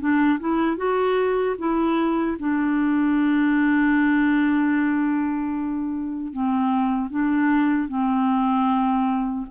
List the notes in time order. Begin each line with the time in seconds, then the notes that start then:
0.00 D4
0.39 E4
0.77 F#4
1.59 E4
2.39 D4
6.33 C4
7.11 D4
7.88 C4